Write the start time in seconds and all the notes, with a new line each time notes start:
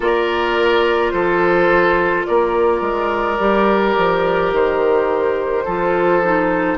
0.00 A#3 F4 A#4 D5
1.10 F3 A4 C5
2.25 A#3 A#4 D5
2.81 G#3
3.38 G3 G4
3.97 F3
4.52 D#3 C5
5.64 F3 F4 A4
6.22 D#4